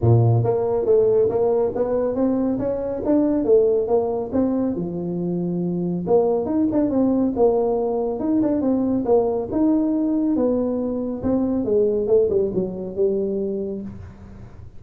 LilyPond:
\new Staff \with { instrumentName = "tuba" } { \time 4/4 \tempo 4 = 139 ais,4 ais4 a4 ais4 | b4 c'4 cis'4 d'4 | a4 ais4 c'4 f4~ | f2 ais4 dis'8 d'8 |
c'4 ais2 dis'8 d'8 | c'4 ais4 dis'2 | b2 c'4 gis4 | a8 g8 fis4 g2 | }